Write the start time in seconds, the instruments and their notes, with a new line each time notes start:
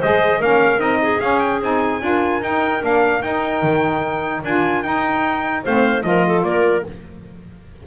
0.00 double bass G#3, saxophone G#4, clarinet C5, trumpet D#5
0.40 double bass A#3, saxophone C#4, clarinet A#4, trumpet F5
0.78 double bass C4, saxophone D#4, trumpet D#5
1.03 clarinet G#4
1.21 saxophone C#4, double bass C#4, trumpet F5
1.40 trumpet G5
1.62 double bass C4, saxophone D#4, trumpet G#5
2.01 double bass D4, saxophone F4, clarinet A#4
2.42 double bass D#4, saxophone D#4, trumpet G5
2.81 double bass A#3, saxophone D4, trumpet F5
3.22 saxophone D#4, double bass D#4, trumpet G5
3.63 double bass D#3
4.44 double bass D4, saxophone F4, trumpet G#5
4.83 saxophone D#4, double bass D#4, trumpet G5
5.64 double bass A3, saxophone C4, clarinet C5, trumpet F5
6.03 double bass F3, saxophone F4, clarinet A#4, trumpet D#5
6.28 clarinet A4
6.43 double bass A#3, clarinet A#4, trumpet D5